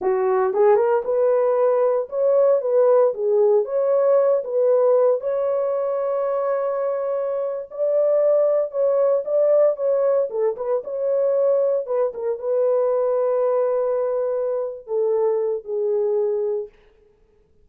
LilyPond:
\new Staff \with { instrumentName = "horn" } { \time 4/4 \tempo 4 = 115 fis'4 gis'8 ais'8 b'2 | cis''4 b'4 gis'4 cis''4~ | cis''8 b'4. cis''2~ | cis''2~ cis''8. d''4~ d''16~ |
d''8. cis''4 d''4 cis''4 a'16~ | a'16 b'8 cis''2 b'8 ais'8 b'16~ | b'1~ | b'8 a'4. gis'2 | }